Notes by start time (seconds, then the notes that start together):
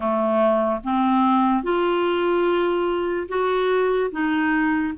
0.00 A3
0.84 C4
1.63 F4
3.28 F#4
4.11 D#4